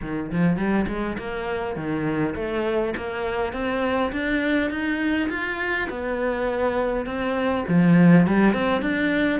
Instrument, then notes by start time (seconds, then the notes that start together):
cello
0.01 D#3
0.31 F3
0.56 G3
0.87 G#3
1.17 A#3
1.75 D#3
2.35 A3
2.97 A#3
3.52 C4
4.12 D4
4.70 D#4
5.29 F4
5.89 B3
7.06 C4
7.67 F3
8.26 G3
8.53 C4
8.81 D4